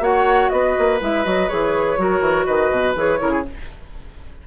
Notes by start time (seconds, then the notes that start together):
0.00 A#3 F#4 C#5 F#5
0.49 B3 B4 D#5
0.79 A#3
1.01 G#3 E4 E5
1.25 F#3 F#4 D#5
1.49 E3 G#4 C#5
1.98 F#3 F#4 A#4
2.21 E3
2.46 D#3 B4 D#5
2.71 B2
2.96 E3 G#4 C#5
3.18 C#3 E4 A#4
3.32 G#4